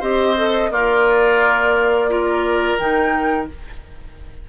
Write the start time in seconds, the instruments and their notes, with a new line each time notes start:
0.00 bassoon C4, clarinet G4, oboe C5, flute D#5
0.36 clarinet A4
0.69 bassoon A#3, oboe F4, clarinet A#4, flute D5
2.09 clarinet F4, oboe A#4
2.78 bassoon D#3, clarinet D#4, flute G5